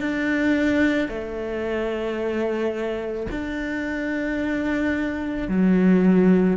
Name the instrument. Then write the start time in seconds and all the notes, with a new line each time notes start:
cello
0.00 D4
1.09 A3
3.31 D4
5.48 F#3